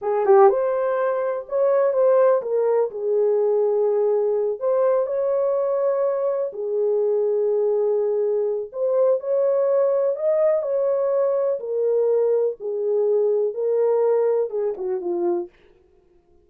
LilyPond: \new Staff \with { instrumentName = "horn" } { \time 4/4 \tempo 4 = 124 gis'8 g'8 c''2 cis''4 | c''4 ais'4 gis'2~ | gis'4. c''4 cis''4.~ | cis''4. gis'2~ gis'8~ |
gis'2 c''4 cis''4~ | cis''4 dis''4 cis''2 | ais'2 gis'2 | ais'2 gis'8 fis'8 f'4 | }